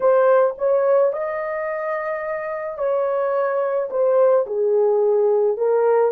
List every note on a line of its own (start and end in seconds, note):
0.00 0.55 C5
0.58 1.12 C#5
1.12 2.78 D#5
2.78 3.89 C#5
3.90 4.45 C5
4.46 5.57 G#4
5.57 6.11 A#4